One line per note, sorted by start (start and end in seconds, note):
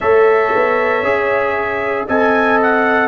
0.00 0.53 A3
0.00 1.04 A4
0.00 2.07 C#5
0.00 2.06 E5
0.54 1.02 B3
1.02 2.06 C#4
1.02 2.07 G#4
2.07 3.07 C4
2.07 3.07 A4
2.07 3.07 D#5
2.07 2.59 G#5
2.62 3.07 F#5